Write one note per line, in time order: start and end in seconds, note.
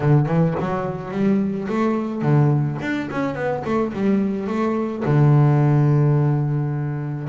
0.00 0.26 D3
0.26 0.54 E3
0.60 1.11 F#3
1.11 1.67 G3
1.68 2.21 A3
2.21 2.78 D3
2.81 3.09 D4
3.10 3.35 C#4
3.35 3.63 B3
3.64 3.92 A3
3.93 4.47 G3
4.47 5.03 A3
5.04 7.28 D3